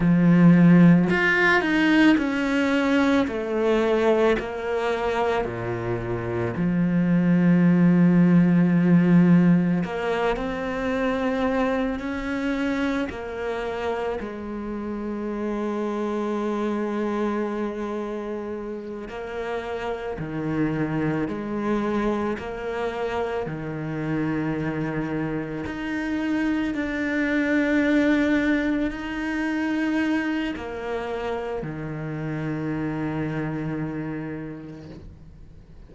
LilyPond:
\new Staff \with { instrumentName = "cello" } { \time 4/4 \tempo 4 = 55 f4 f'8 dis'8 cis'4 a4 | ais4 ais,4 f2~ | f4 ais8 c'4. cis'4 | ais4 gis2.~ |
gis4. ais4 dis4 gis8~ | gis8 ais4 dis2 dis'8~ | dis'8 d'2 dis'4. | ais4 dis2. | }